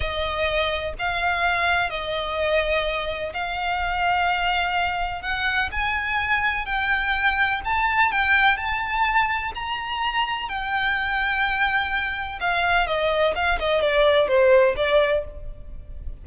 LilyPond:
\new Staff \with { instrumentName = "violin" } { \time 4/4 \tempo 4 = 126 dis''2 f''2 | dis''2. f''4~ | f''2. fis''4 | gis''2 g''2 |
a''4 g''4 a''2 | ais''2 g''2~ | g''2 f''4 dis''4 | f''8 dis''8 d''4 c''4 d''4 | }